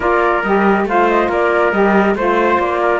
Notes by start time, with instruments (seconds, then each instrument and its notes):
0.00 cello A#3, saxophone F4, trumpet A#4, flute D5
0.43 cello G3, saxophone G4, flute D#5
0.85 cello A3, saxophone F4, trumpet C5, flute F5
1.08 flute D#5
1.29 cello A#3, trumpet A#4, flute D5
1.72 cello G3, saxophone G4, flute D#5
2.14 cello A3, saxophone F4, trumpet C5, flute C5
2.59 cello A#3, flute D5
2.81 trumpet A#4